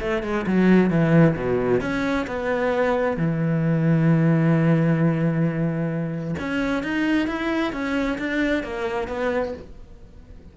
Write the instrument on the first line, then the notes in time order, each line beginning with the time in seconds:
cello
0.00 A3
0.23 G#3
0.47 F#3
0.90 E3
1.36 B2
1.81 C#4
2.27 B3
3.17 E3
6.39 C#4
6.83 D#4
7.27 E4
7.73 C#4
8.18 D4
8.63 A#3
9.08 B3